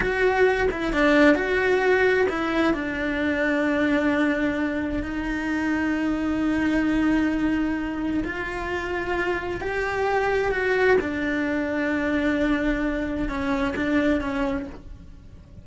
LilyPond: \new Staff \with { instrumentName = "cello" } { \time 4/4 \tempo 4 = 131 fis'4. e'8 d'4 fis'4~ | fis'4 e'4 d'2~ | d'2. dis'4~ | dis'1~ |
dis'2 f'2~ | f'4 g'2 fis'4 | d'1~ | d'4 cis'4 d'4 cis'4 | }